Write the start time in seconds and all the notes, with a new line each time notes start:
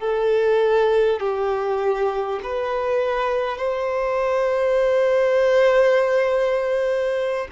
0.00 A4
1.20 G4
2.43 B4
3.57 C5